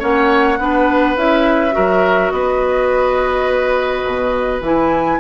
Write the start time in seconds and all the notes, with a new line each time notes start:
0.00 A#3 C#4 C#5 F#5
0.59 B3 D4 B4
1.17 C#4 E4 E5
1.71 F#4 A#4
1.77 F#3
2.31 B3 B4 D#5
4.05 B2
4.61 E3 E4 G#5